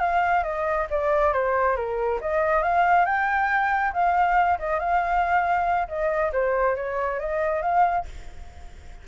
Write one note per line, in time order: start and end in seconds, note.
0.00 0.43 F5
0.44 0.87 D#5
0.91 1.33 D5
1.33 1.76 C5
1.76 2.20 A#4
2.21 2.63 D#5
2.63 3.06 F5
3.06 3.93 G5
3.93 4.58 F5
4.59 4.79 D#5
4.79 5.88 F5
5.88 6.32 D#5
6.33 6.76 C5
6.76 7.20 C#5
7.20 7.62 D#5
7.62 8.06 F5